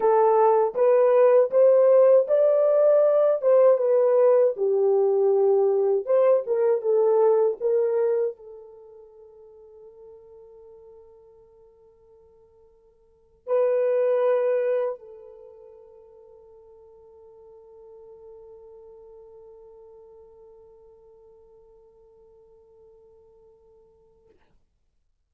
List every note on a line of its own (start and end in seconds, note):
0.00 0.74 A4
0.74 1.50 B4
1.51 2.26 C5
2.28 3.41 D5
3.41 3.77 C5
3.77 4.53 B4
4.56 6.05 G4
6.05 6.43 C5
6.46 6.81 A#4
6.81 7.57 A4
7.60 8.36 A#4
8.36 13.46 A4
13.46 14.98 B4
14.99 24.29 A4